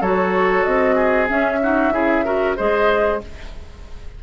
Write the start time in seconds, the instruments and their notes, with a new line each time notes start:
0.00 bassoon F#3, clarinet F#4, oboe A4, flute C#5
0.63 bassoon C4, flute D#5
0.95 oboe G#4
1.27 clarinet C#4, bassoon C#4, flute E5
1.62 clarinet D#4, oboe F#4
1.90 bassoon C#3, clarinet E4, oboe G#4
2.24 clarinet F#4, oboe A#4
2.56 bassoon G#3, clarinet G#4, oboe C5, flute D#5